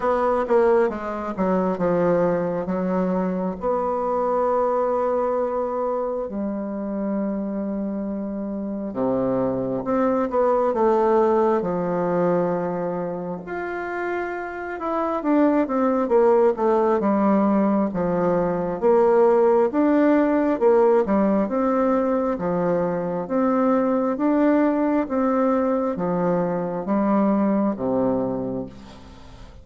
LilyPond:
\new Staff \with { instrumentName = "bassoon" } { \time 4/4 \tempo 4 = 67 b8 ais8 gis8 fis8 f4 fis4 | b2. g4~ | g2 c4 c'8 b8 | a4 f2 f'4~ |
f'8 e'8 d'8 c'8 ais8 a8 g4 | f4 ais4 d'4 ais8 g8 | c'4 f4 c'4 d'4 | c'4 f4 g4 c4 | }